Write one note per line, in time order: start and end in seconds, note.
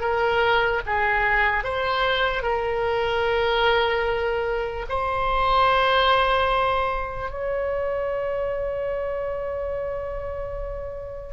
0.00 0.81 A#4
0.86 1.63 G#4
1.63 2.42 C5
2.42 4.85 A#4
4.89 7.30 C5
7.30 11.33 C#5